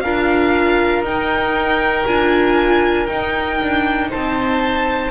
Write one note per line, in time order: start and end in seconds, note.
0.00 1.03 D4
0.00 1.06 F4
0.00 4.10 A#4
0.00 1.02 F5
1.03 2.04 D#4
1.03 2.07 D#4
1.03 2.07 G5
2.06 3.08 D4
2.06 3.08 F4
2.06 3.06 G#5
3.06 5.11 D#4
3.06 3.61 D#4
3.06 4.08 G5
3.62 4.13 D4
4.10 5.11 C4
4.10 5.11 C5
4.10 5.11 A5